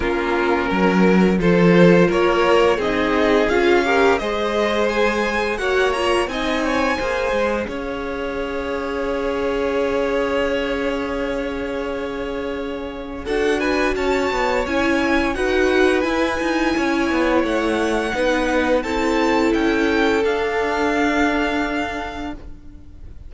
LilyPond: <<
  \new Staff \with { instrumentName = "violin" } { \time 4/4 \tempo 4 = 86 ais'2 c''4 cis''4 | dis''4 f''4 dis''4 gis''4 | fis''8 ais''8 gis''2 f''4~ | f''1~ |
f''2. fis''8 gis''8 | a''4 gis''4 fis''4 gis''4~ | gis''4 fis''2 a''4 | g''4 f''2. | }
  \new Staff \with { instrumentName = "violin" } { \time 4/4 f'4 ais'4 a'4 ais'4 | gis'4. ais'8 c''2 | cis''4 dis''8 cis''8 c''4 cis''4~ | cis''1~ |
cis''2. a'8 b'8 | cis''2 b'2 | cis''2 b'4 a'4~ | a'1 | }
  \new Staff \with { instrumentName = "viola" } { \time 4/4 cis'2 f'2 | dis'4 f'8 g'8 gis'2 | fis'8 f'8 dis'4 gis'2~ | gis'1~ |
gis'2. fis'4~ | fis'4 e'4 fis'4 e'4~ | e'2 dis'4 e'4~ | e'4 d'2. | }
  \new Staff \with { instrumentName = "cello" } { \time 4/4 ais4 fis4 f4 ais4 | c'4 cis'4 gis2 | ais4 c'4 ais8 gis8 cis'4~ | cis'1~ |
cis'2. d'4 | cis'8 b8 cis'4 dis'4 e'8 dis'8 | cis'8 b8 a4 b4 c'4 | cis'4 d'2. | }
>>